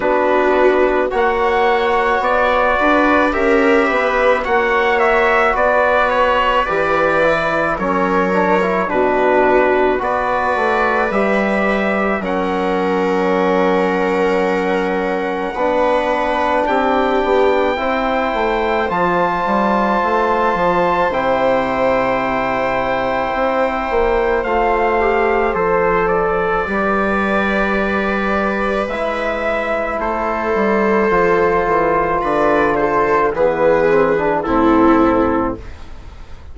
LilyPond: <<
  \new Staff \with { instrumentName = "trumpet" } { \time 4/4 \tempo 4 = 54 b'4 fis''4 d''4 e''4 | fis''8 e''8 d''8 cis''8 d''4 cis''4 | b'4 d''4 e''4 fis''4~ | fis''2. g''4~ |
g''4 a''2 g''4~ | g''2 f''4 c''8 d''8~ | d''2 e''4 c''4~ | c''4 d''8 c''8 b'4 a'4 | }
  \new Staff \with { instrumentName = "viola" } { \time 4/4 fis'4 cis''4. b'8 ais'8 b'8 | cis''4 b'2 ais'4 | fis'4 b'2 ais'4~ | ais'2 b'4 g'4 |
c''1~ | c''1 | b'2. a'4~ | a'4 b'8 a'8 gis'4 e'4 | }
  \new Staff \with { instrumentName = "trombone" } { \time 4/4 d'4 fis'2 g'4 | fis'2 g'8 e'8 cis'8 d'16 e'16 | d'4 fis'4 g'4 cis'4~ | cis'2 d'2 |
e'4 f'2 e'4~ | e'2 f'8 g'8 a'4 | g'2 e'2 | f'2 b8 c'16 d'16 c'4 | }
  \new Staff \with { instrumentName = "bassoon" } { \time 4/4 b4 ais4 b8 d'8 cis'8 b8 | ais4 b4 e4 fis4 | b,4 b8 a8 g4 fis4~ | fis2 b4 c'8 b8 |
c'8 a8 f8 g8 a8 f8 c4~ | c4 c'8 ais8 a4 f4 | g2 gis4 a8 g8 | f8 e8 d4 e4 a,4 | }
>>